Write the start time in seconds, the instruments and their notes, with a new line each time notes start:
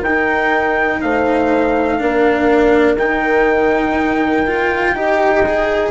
0.00 bassoon D#4, horn A#4, trumpet G5
0.07 cello D#4
1.02 bassoon A3, horn C5, trumpet F5
1.99 bassoon A#3, cello D4, horn A#4
2.96 bassoon D#3, cello D#4, trumpet G5
4.47 cello F4
4.94 bassoon D#4, cello G4, horn D#5
5.46 cello G#4